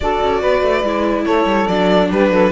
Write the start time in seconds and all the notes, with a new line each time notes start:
0.00 D4 F#4 A4 D5
0.22 C#4
0.40 B3 B4
0.62 A3
0.83 G#3 E4
1.25 A3 A4 C#5
1.45 G3
1.67 F#3 D4 D5
2.10 G3 G4 B4
2.30 F#3 A4